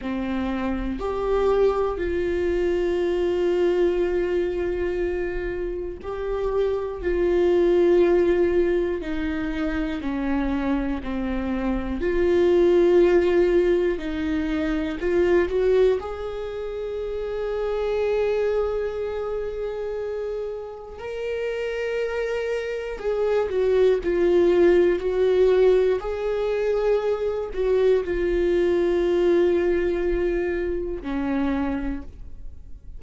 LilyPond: \new Staff \with { instrumentName = "viola" } { \time 4/4 \tempo 4 = 60 c'4 g'4 f'2~ | f'2 g'4 f'4~ | f'4 dis'4 cis'4 c'4 | f'2 dis'4 f'8 fis'8 |
gis'1~ | gis'4 ais'2 gis'8 fis'8 | f'4 fis'4 gis'4. fis'8 | f'2. cis'4 | }